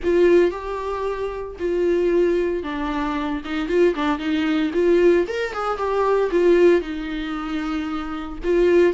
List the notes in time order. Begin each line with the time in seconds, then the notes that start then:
0.03 F4
0.50 G4
1.59 F4
2.63 D4
3.44 D#4
3.68 F4
3.95 D4
4.18 D#4
4.73 F4
5.27 A#4
5.53 G#4
5.77 G4
6.31 F4
6.81 D#4
8.43 F4